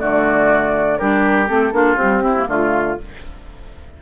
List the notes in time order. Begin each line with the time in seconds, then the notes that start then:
0.00 D3 A3 F#4 D5
0.99 G3 D4 G4 A#4
1.47 A3 C4 A4
1.72 A#3 D4 F4
1.96 G3 C4 G4
2.22 C4 E4
2.37 A#3
2.48 D3 A3 F4